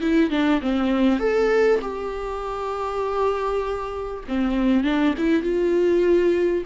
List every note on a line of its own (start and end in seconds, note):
0.00 0.30 E4
0.30 0.60 D4
0.61 1.19 C4
1.19 1.80 A4
1.81 4.23 G4
4.28 4.83 C4
4.83 5.14 D4
5.17 5.42 E4
5.42 6.64 F4